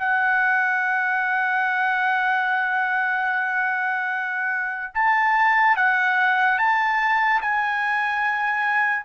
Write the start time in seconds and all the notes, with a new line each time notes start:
0.00 F#5
4.95 A5
5.77 F#5
6.59 A5
7.42 G#5